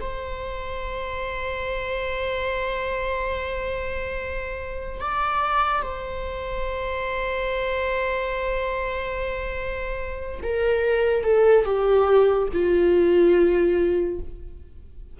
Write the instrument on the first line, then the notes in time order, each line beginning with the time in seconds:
viola
0.00 C5
5.00 D5
5.82 C5
10.42 A#4
11.23 A4
11.64 G4
12.52 F4